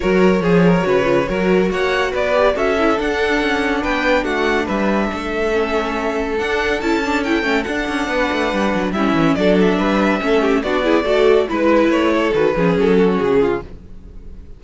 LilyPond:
<<
  \new Staff \with { instrumentName = "violin" } { \time 4/4 \tempo 4 = 141 cis''1 | fis''4 d''4 e''4 fis''4~ | fis''4 g''4 fis''4 e''4~ | e''2. fis''4 |
a''4 g''4 fis''2~ | fis''4 e''4 d''8 e''4.~ | e''4 d''2 b'4 | cis''4 b'4 a'4 gis'4 | }
  \new Staff \with { instrumentName = "violin" } { \time 4/4 ais'4 gis'8 ais'8 b'4 ais'4 | cis''4 b'4 a'2~ | a'4 b'4 fis'4 b'4 | a'1~ |
a'2. b'4~ | b'4 e'4 a'4 b'4 | a'8 g'8 fis'8 gis'8 a'4 b'4~ | b'8 a'4 gis'4 fis'4 f'8 | }
  \new Staff \with { instrumentName = "viola" } { \time 4/4 fis'4 gis'4 fis'8 f'8 fis'4~ | fis'4. g'8 fis'8 e'8 d'4~ | d'1~ | d'4 cis'2 d'4 |
e'8 d'8 e'8 cis'8 d'2~ | d'4 cis'4 d'2 | cis'4 d'8 e'8 fis'4 e'4~ | e'4 fis'8 cis'2~ cis'8 | }
  \new Staff \with { instrumentName = "cello" } { \time 4/4 fis4 f4 cis4 fis4 | ais4 b4 cis'4 d'4 | cis'4 b4 a4 g4 | a2. d'4 |
cis'4. a8 d'8 cis'8 b8 a8 | g8 fis8 g8 e8 fis4 g4 | a4 b4 a4 gis4 | a4 dis8 f8 fis4 cis4 | }
>>